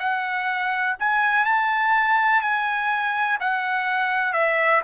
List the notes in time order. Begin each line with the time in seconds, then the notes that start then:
0.00 F#5
0.99 G#5
1.45 A5
2.41 G#5
3.40 F#5
4.33 E5